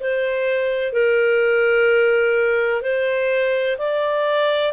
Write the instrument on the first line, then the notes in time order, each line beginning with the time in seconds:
clarinet
0.00 C5
0.92 A#4
2.81 C5
3.78 D5